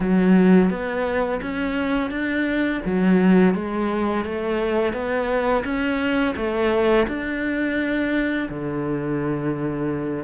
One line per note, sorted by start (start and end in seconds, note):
0.00 0.70 F#3
0.70 1.40 B3
1.41 2.10 C#4
2.10 2.81 D4
2.85 3.54 F#3
3.54 4.24 G#3
4.24 4.93 A3
4.93 5.63 B3
5.64 6.35 C#4
6.36 7.07 A3
7.07 8.48 D4
8.49 10.24 D3